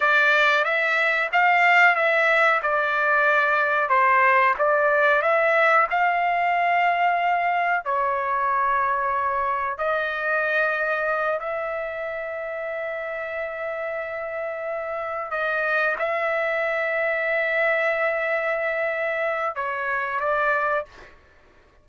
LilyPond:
\new Staff \with { instrumentName = "trumpet" } { \time 4/4 \tempo 4 = 92 d''4 e''4 f''4 e''4 | d''2 c''4 d''4 | e''4 f''2. | cis''2. dis''4~ |
dis''4. e''2~ e''8~ | e''2.~ e''8 dis''8~ | dis''8 e''2.~ e''8~ | e''2 cis''4 d''4 | }